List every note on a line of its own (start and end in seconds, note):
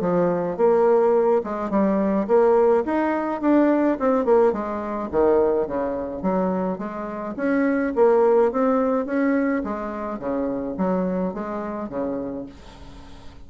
0.00 0.56 F3
0.56 1.41 A#3
1.43 1.70 G#3
1.70 2.26 G3
2.27 2.84 A#3
2.85 3.41 D#4
3.41 3.97 D4
3.99 4.25 C4
4.25 4.52 A#3
4.52 5.09 G#3
5.11 5.67 D#3
5.67 6.22 C#3
6.22 6.78 F#3
6.78 7.34 G#3
7.36 7.93 C#4
7.95 8.51 A#3
8.51 9.05 C4
9.05 9.62 C#4
9.63 10.19 G#3
10.19 10.75 C#3
10.77 11.33 F#3
11.33 11.89 G#3
11.89 12.45 C#3